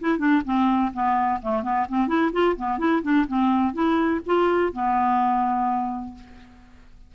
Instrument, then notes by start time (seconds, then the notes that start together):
clarinet
0.00 E4
0.18 D4
0.44 C4
0.93 B3
1.42 A3
1.62 B3
1.88 C4
2.07 E4
2.32 F4
2.56 B3
2.78 E4
3.02 D4
3.27 C4
3.73 E4
4.26 F4
4.72 B3